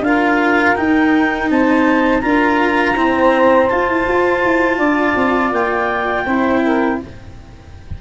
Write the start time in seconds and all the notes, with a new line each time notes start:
0.00 D4 F4 A#4 F5
0.75 D#4 G5
1.50 C4 C5 A5
2.21 D4 F4 A#4 A#5
2.95 C4 E4 C5
3.68 F4 A5
3.88 E4
4.08 F4
4.45 E4
4.77 D4 D5
5.16 C4
5.52 A#3 G5
6.25 C4 E4 C5
6.64 A#4